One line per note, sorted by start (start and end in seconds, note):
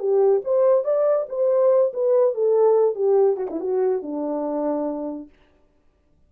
0.00 0.42 G4
0.45 0.85 C5
0.85 1.27 D5
1.29 1.93 C5
1.94 2.34 B4
2.34 2.95 A4
2.95 3.37 G4
3.37 3.48 F#4
3.51 3.60 E4
3.60 4.03 F#4
4.03 5.30 D4